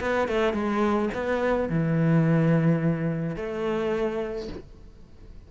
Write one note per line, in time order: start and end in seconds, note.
0.00 0.28 B3
0.28 0.53 A3
0.53 1.09 G#3
1.14 1.69 B3
1.69 3.36 E3
3.36 4.48 A3